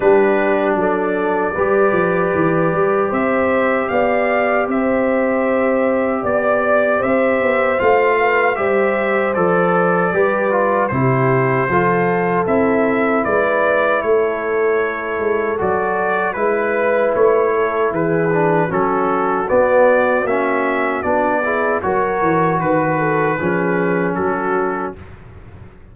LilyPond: <<
  \new Staff \with { instrumentName = "trumpet" } { \time 4/4 \tempo 4 = 77 b'4 d''2. | e''4 f''4 e''2 | d''4 e''4 f''4 e''4 | d''2 c''2 |
e''4 d''4 cis''2 | d''4 b'4 cis''4 b'4 | a'4 d''4 e''4 d''4 | cis''4 b'2 a'4 | }
  \new Staff \with { instrumentName = "horn" } { \time 4/4 g'4 a'4 b'2 | c''4 d''4 c''2 | d''4 c''4. b'8 c''4~ | c''4 b'4 g'4 a'4~ |
a'4 b'4 a'2~ | a'4 b'4. a'8 gis'4 | fis'2.~ fis'8 gis'8 | ais'4 b'8 a'8 gis'4 fis'4 | }
  \new Staff \with { instrumentName = "trombone" } { \time 4/4 d'2 g'2~ | g'1~ | g'2 f'4 g'4 | a'4 g'8 f'8 e'4 f'4 |
e'1 | fis'4 e'2~ e'8 d'8 | cis'4 b4 cis'4 d'8 e'8 | fis'2 cis'2 | }
  \new Staff \with { instrumentName = "tuba" } { \time 4/4 g4 fis4 g8 f8 e8 g8 | c'4 b4 c'2 | b4 c'8 b8 a4 g4 | f4 g4 c4 f4 |
c'4 gis4 a4. gis8 | fis4 gis4 a4 e4 | fis4 b4 ais4 b4 | fis8 e8 dis4 f4 fis4 | }
>>